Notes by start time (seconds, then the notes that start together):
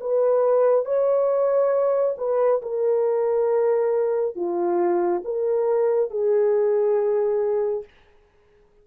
0.00 B4
0.85 C#5
2.17 B4
2.61 A#4
4.35 F4
5.24 A#4
6.10 G#4